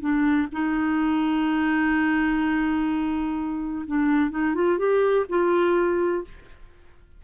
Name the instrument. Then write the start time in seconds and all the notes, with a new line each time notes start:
clarinet
0.00 D4
0.52 D#4
3.86 D4
4.30 D#4
4.54 F4
4.78 G4
5.29 F4